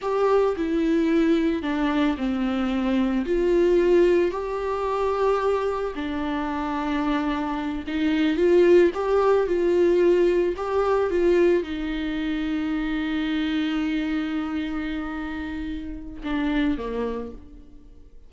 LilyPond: \new Staff \with { instrumentName = "viola" } { \time 4/4 \tempo 4 = 111 g'4 e'2 d'4 | c'2 f'2 | g'2. d'4~ | d'2~ d'8 dis'4 f'8~ |
f'8 g'4 f'2 g'8~ | g'8 f'4 dis'2~ dis'8~ | dis'1~ | dis'2 d'4 ais4 | }